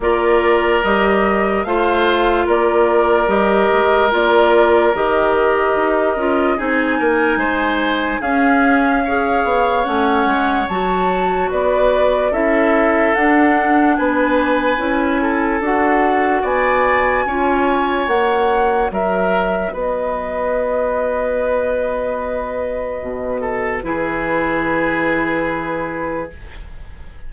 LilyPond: <<
  \new Staff \with { instrumentName = "flute" } { \time 4/4 \tempo 4 = 73 d''4 dis''4 f''4 d''4 | dis''4 d''4 dis''2 | gis''2 f''2 | fis''4 a''4 d''4 e''4 |
fis''4 gis''2 fis''4 | gis''2 fis''4 e''4 | dis''1~ | dis''4 b'2. | }
  \new Staff \with { instrumentName = "oboe" } { \time 4/4 ais'2 c''4 ais'4~ | ais'1 | gis'8 ais'8 c''4 gis'4 cis''4~ | cis''2 b'4 a'4~ |
a'4 b'4. a'4. | d''4 cis''2 ais'4 | b'1~ | b'8 a'8 gis'2. | }
  \new Staff \with { instrumentName = "clarinet" } { \time 4/4 f'4 g'4 f'2 | g'4 f'4 g'4. f'8 | dis'2 cis'4 gis'4 | cis'4 fis'2 e'4 |
d'2 e'4 fis'4~ | fis'4 f'4 fis'2~ | fis'1~ | fis'4 e'2. | }
  \new Staff \with { instrumentName = "bassoon" } { \time 4/4 ais4 g4 a4 ais4 | g8 gis8 ais4 dis4 dis'8 cis'8 | c'8 ais8 gis4 cis'4. b8 | a8 gis8 fis4 b4 cis'4 |
d'4 b4 cis'4 d'4 | b4 cis'4 ais4 fis4 | b1 | b,4 e2. | }
>>